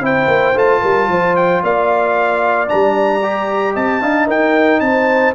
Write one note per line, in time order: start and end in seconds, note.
0.00 0.27 C4
0.00 0.54 E4
0.00 0.81 C5
0.00 0.58 G5
0.27 0.54 A#3
0.54 0.81 A3
0.54 2.67 F4
0.54 1.36 A5
0.81 1.08 G3
0.81 1.07 A#4
1.08 1.61 F3
1.08 1.63 C5
1.36 1.62 G5
1.63 2.69 A#3
1.63 3.74 D5
1.63 2.69 F5
2.67 3.76 G3
2.67 3.21 D4
2.67 3.75 A#5
3.22 4.02 G4
3.74 4.02 C4
3.74 4.00 D#5
3.74 4.29 A5
4.01 4.27 D4
4.01 5.34 D#4
4.01 4.27 F5
4.27 4.80 D#4
4.27 4.80 A#4
4.27 4.80 G5
4.80 5.33 C4
4.80 5.34 C5
4.80 5.33 A5